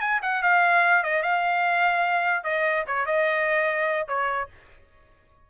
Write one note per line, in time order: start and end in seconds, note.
0.00 0.20 G#5
0.22 0.42 F#5
0.42 1.03 F5
1.03 1.22 D#5
1.22 2.44 F5
2.44 2.85 D#5
2.87 3.06 C#5
3.06 4.07 D#5
4.07 4.48 C#5